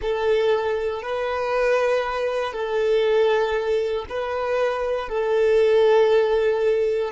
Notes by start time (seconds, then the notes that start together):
0.01 A4
1.02 B4
2.52 A4
4.09 B4
5.08 A4